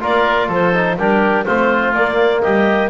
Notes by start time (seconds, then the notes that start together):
0.00 A#3 F4 A#4 D5
0.47 F3 A4 C5
0.73 D#4
0.96 G3 D4 G4 A#4
1.44 A3 C4 F4 C5
1.93 A#3 D5
2.41 G3 G4 D#5